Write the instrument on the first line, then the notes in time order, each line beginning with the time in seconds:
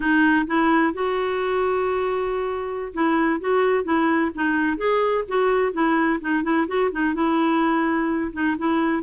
clarinet
0.00 D#4
0.46 E4
0.93 F#4
2.93 E4
3.40 F#4
3.84 E4
4.34 D#4
4.77 G#4
5.28 F#4
5.72 E4
6.20 D#4
6.43 E4
6.67 F#4
6.91 D#4
7.14 E4
8.32 D#4
8.58 E4